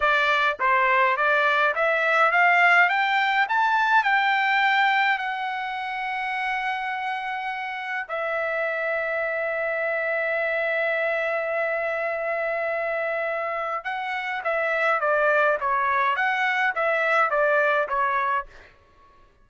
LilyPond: \new Staff \with { instrumentName = "trumpet" } { \time 4/4 \tempo 4 = 104 d''4 c''4 d''4 e''4 | f''4 g''4 a''4 g''4~ | g''4 fis''2.~ | fis''2 e''2~ |
e''1~ | e''1 | fis''4 e''4 d''4 cis''4 | fis''4 e''4 d''4 cis''4 | }